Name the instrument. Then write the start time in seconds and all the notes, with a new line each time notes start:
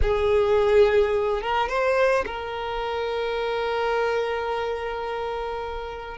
violin
0.02 G#4
1.42 A#4
1.68 C5
2.26 A#4